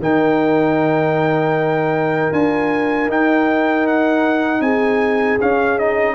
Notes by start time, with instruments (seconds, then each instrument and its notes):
0.00 tuba D#3, trombone D#4, horn A#4, trumpet G5
2.33 tuba D4, trombone F4, trumpet G#5
3.08 tuba D#4, trombone D#4, trumpet G5
3.87 trumpet F#5
4.61 tuba C4, horn G#4, trumpet G#5
5.41 trombone C#4, tuba C#4, trumpet F5
5.79 trombone D#4, trumpet D#5